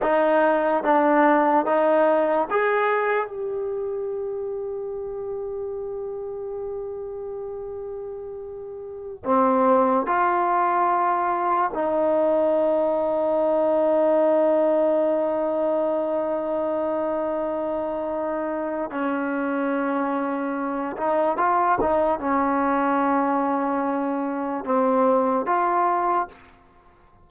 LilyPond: \new Staff \with { instrumentName = "trombone" } { \time 4/4 \tempo 4 = 73 dis'4 d'4 dis'4 gis'4 | g'1~ | g'2.~ g'16 c'8.~ | c'16 f'2 dis'4.~ dis'16~ |
dis'1~ | dis'2. cis'4~ | cis'4. dis'8 f'8 dis'8 cis'4~ | cis'2 c'4 f'4 | }